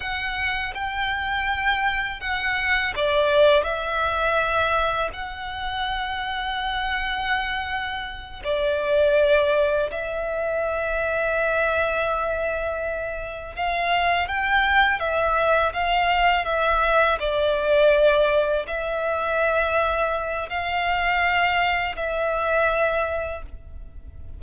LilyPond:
\new Staff \with { instrumentName = "violin" } { \time 4/4 \tempo 4 = 82 fis''4 g''2 fis''4 | d''4 e''2 fis''4~ | fis''2.~ fis''8 d''8~ | d''4. e''2~ e''8~ |
e''2~ e''8 f''4 g''8~ | g''8 e''4 f''4 e''4 d''8~ | d''4. e''2~ e''8 | f''2 e''2 | }